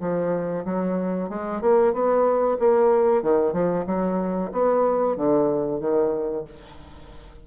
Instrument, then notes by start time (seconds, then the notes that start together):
bassoon
0.00 F3
0.65 F#3
1.29 G#3
1.61 A#3
1.93 B3
2.60 A#3
3.23 D#3
3.53 F3
3.87 F#3
4.52 B3
5.17 D3
5.80 D#3